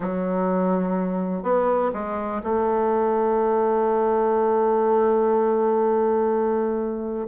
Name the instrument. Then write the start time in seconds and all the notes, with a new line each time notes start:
bassoon
0.00 F#3
1.42 B3
1.93 G#3
2.43 A3